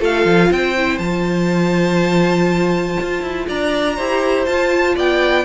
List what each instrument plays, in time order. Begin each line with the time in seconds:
0.00 cello A3, viola F4, violin A4 F5
0.26 cello F3
0.50 cello C4, violin C5 G5
0.78 viola E4
0.98 cello F3, viola F4, violin A5
3.01 cello F4
3.22 cello E4
3.48 cello D4, violin D5 A#5
3.96 cello E4, viola G4, violin C5
4.46 viola F4, cello F4, violin A5
4.95 cello B3, violin D5 G5